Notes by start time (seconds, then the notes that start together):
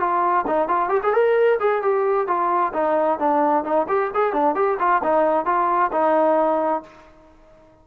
0.00 F4
0.47 D#4
0.68 F4
0.89 G4
1.03 G#4
1.14 A#4
1.60 G#4
1.82 G4
2.27 F4
2.74 D#4
3.19 D4
3.64 D#4
3.88 G4
4.14 G#4
4.33 D4
4.55 G4
4.79 F4
5.04 D#4
5.46 F4
5.92 D#4